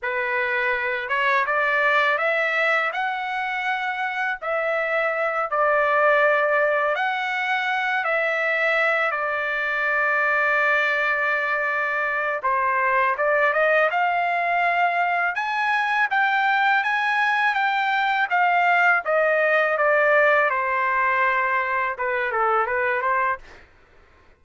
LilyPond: \new Staff \with { instrumentName = "trumpet" } { \time 4/4 \tempo 4 = 82 b'4. cis''8 d''4 e''4 | fis''2 e''4. d''8~ | d''4. fis''4. e''4~ | e''8 d''2.~ d''8~ |
d''4 c''4 d''8 dis''8 f''4~ | f''4 gis''4 g''4 gis''4 | g''4 f''4 dis''4 d''4 | c''2 b'8 a'8 b'8 c''8 | }